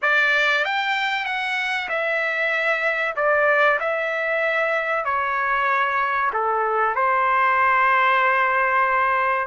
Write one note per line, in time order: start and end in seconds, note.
0.01 0.64 D5
0.64 1.25 G5
1.25 1.88 F#5
1.88 3.15 E5
3.16 3.79 D5
3.80 5.04 E5
5.04 6.30 C#5
6.33 6.95 A4
6.95 9.47 C5